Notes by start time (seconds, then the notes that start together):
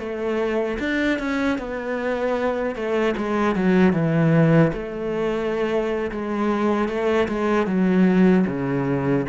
0.00 A3
0.80 D4
1.19 C#4
1.59 B3
2.76 A3
3.18 G#3
3.56 F#3
3.94 E3
4.74 A3
6.12 G#3
6.89 A3
7.29 G#3
7.67 F#3
8.47 C#3